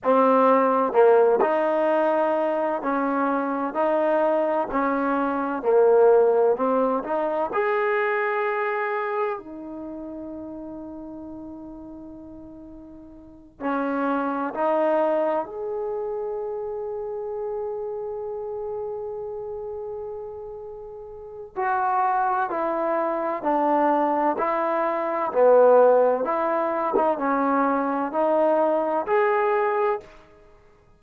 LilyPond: \new Staff \with { instrumentName = "trombone" } { \time 4/4 \tempo 4 = 64 c'4 ais8 dis'4. cis'4 | dis'4 cis'4 ais4 c'8 dis'8 | gis'2 dis'2~ | dis'2~ dis'8 cis'4 dis'8~ |
dis'8 gis'2.~ gis'8~ | gis'2. fis'4 | e'4 d'4 e'4 b4 | e'8. dis'16 cis'4 dis'4 gis'4 | }